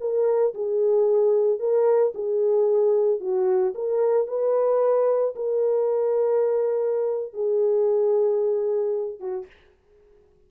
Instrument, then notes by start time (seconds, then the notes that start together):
horn
0.00 A#4
0.54 G#4
1.59 A#4
2.14 G#4
3.20 F#4
3.74 A#4
4.27 B4
5.35 A#4
7.33 G#4
9.19 F#4